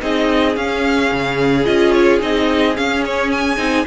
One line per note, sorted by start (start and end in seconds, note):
0.00 0.56 C4
0.00 0.55 D#4
0.00 3.87 G#4
0.00 0.56 D#5
0.56 1.11 C#4
0.56 1.65 C#4
0.56 1.65 F5
1.12 1.67 C#3
1.65 2.22 C#4
1.65 2.20 F4
1.65 1.92 D#5
1.92 2.19 C#5
2.20 2.77 C4
2.20 2.75 D#4
2.20 2.76 D#5
2.76 3.57 C#4
2.76 3.04 F5
3.06 3.31 C#5
3.31 3.86 G#5
3.57 3.85 C4
3.57 3.85 D#4